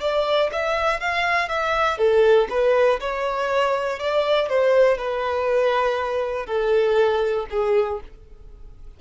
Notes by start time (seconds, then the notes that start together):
0.00 D5
0.52 E5
1.00 F5
1.49 E5
1.98 A4
2.50 B4
3.00 C#5
4.00 D5
4.49 C5
4.98 B4
6.46 A4
7.50 G#4